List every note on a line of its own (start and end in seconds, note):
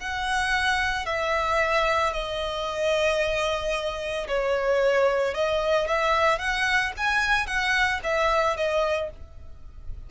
0.00 1.06 F#5
1.06 2.13 E5
2.13 4.27 D#5
4.28 5.34 C#5
5.34 5.88 D#5
5.88 6.39 E5
6.39 6.92 F#5
6.97 7.47 G#5
7.47 8.00 F#5
8.03 8.57 E5
8.57 9.10 D#5